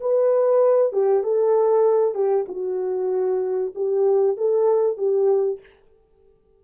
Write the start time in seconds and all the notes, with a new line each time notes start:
0.00 B4
0.93 G4
1.23 A4
2.14 G4
2.48 F#4
3.75 G4
4.37 A4
4.97 G4